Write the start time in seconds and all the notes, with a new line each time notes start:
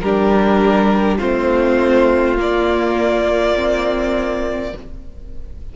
0.00 G3 D4 G4 A#4
1.17 A3 C4 F4 C5
2.37 A#3 D5
3.55 C4